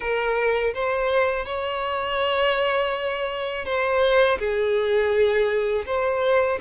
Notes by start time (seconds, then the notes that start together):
0.00 A#4
0.74 C5
1.45 C#5
3.65 C5
4.39 G#4
5.85 C5